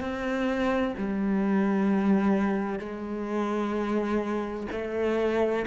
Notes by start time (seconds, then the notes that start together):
0.00 C4
0.97 G3
2.79 G#3
4.71 A3